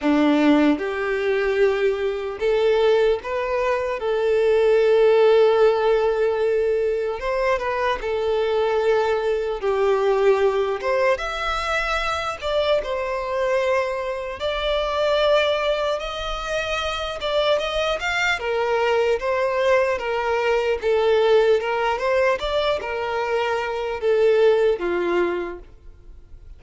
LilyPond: \new Staff \with { instrumentName = "violin" } { \time 4/4 \tempo 4 = 75 d'4 g'2 a'4 | b'4 a'2.~ | a'4 c''8 b'8 a'2 | g'4. c''8 e''4. d''8 |
c''2 d''2 | dis''4. d''8 dis''8 f''8 ais'4 | c''4 ais'4 a'4 ais'8 c''8 | d''8 ais'4. a'4 f'4 | }